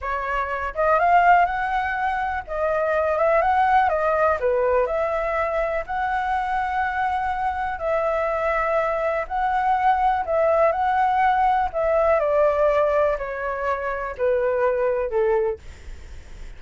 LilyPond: \new Staff \with { instrumentName = "flute" } { \time 4/4 \tempo 4 = 123 cis''4. dis''8 f''4 fis''4~ | fis''4 dis''4. e''8 fis''4 | dis''4 b'4 e''2 | fis''1 |
e''2. fis''4~ | fis''4 e''4 fis''2 | e''4 d''2 cis''4~ | cis''4 b'2 a'4 | }